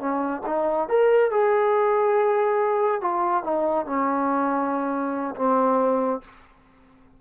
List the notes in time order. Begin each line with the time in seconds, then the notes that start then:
0.00 C#4
0.47 D#4
0.89 A#4
1.31 G#4
3.02 F4
3.44 D#4
3.86 C#4
5.36 C4